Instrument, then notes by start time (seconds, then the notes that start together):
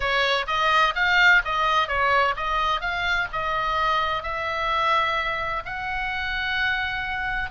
oboe
0.00 C#5
0.47 D#5
0.95 F5
1.44 D#5
1.87 C#5
2.36 D#5
2.80 F5
3.32 D#5
4.22 E5
5.65 F#5